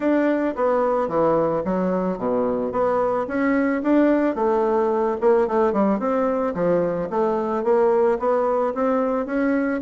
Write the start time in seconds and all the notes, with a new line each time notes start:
0.00 D4
0.55 B3
1.08 E3
1.65 F#3
2.17 B2
2.71 B3
3.27 C#4
3.82 D4
4.35 A3
5.20 A#3
5.47 A3
5.72 G3
5.99 C4
6.54 F3
7.09 A3
7.63 A#3
8.19 B3
8.74 C4
9.26 C#4